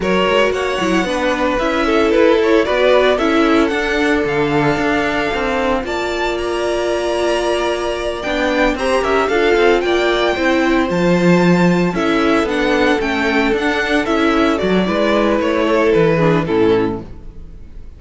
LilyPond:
<<
  \new Staff \with { instrumentName = "violin" } { \time 4/4 \tempo 4 = 113 cis''4 fis''2 e''4 | b'8 cis''8 d''4 e''4 fis''4 | f''2. a''4 | ais''2.~ ais''8 g''8~ |
g''8 ais''8 e''8 f''4 g''4.~ | g''8 a''2 e''4 fis''8~ | fis''8 g''4 fis''4 e''4 d''8~ | d''4 cis''4 b'4 a'4 | }
  \new Staff \with { instrumentName = "violin" } { \time 4/4 ais'4 cis''4 b'4. a'8~ | a'4 b'4 a'2~ | a'2. d''4~ | d''1~ |
d''8 c''8 ais'8 a'4 d''4 c''8~ | c''2~ c''8 a'4.~ | a'1 | b'4. a'4 gis'8 e'4 | }
  \new Staff \with { instrumentName = "viola" } { \time 4/4 fis'4. e'8 d'4 e'4~ | e'4 fis'4 e'4 d'4~ | d'2. f'4~ | f'2.~ f'8 d'8~ |
d'8 g'4 f'2 e'8~ | e'8 f'2 e'4 d'8~ | d'8 cis'4 d'4 e'4 fis'8 | e'2~ e'8 d'8 cis'4 | }
  \new Staff \with { instrumentName = "cello" } { \time 4/4 fis8 gis8 ais8 fis8 b4 cis'4 | e'4 b4 cis'4 d'4 | d4 d'4 c'4 ais4~ | ais2.~ ais8 b8~ |
b8 c'8 cis'8 d'8 c'8 ais4 c'8~ | c'8 f2 cis'4 b8~ | b8 a4 d'4 cis'4 fis8 | gis4 a4 e4 a,4 | }
>>